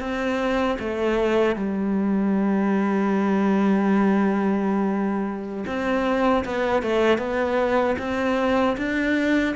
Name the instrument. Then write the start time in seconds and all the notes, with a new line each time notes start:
cello
0.00 C4
0.79 A3
1.56 G3
5.67 C4
6.45 B3
6.83 A3
7.18 B3
7.99 C4
8.77 D4